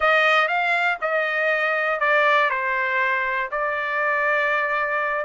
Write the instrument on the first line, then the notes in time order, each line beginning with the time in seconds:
trumpet
0.00 D#5
0.47 F5
1.01 D#5
2.00 D5
2.50 C5
3.51 D5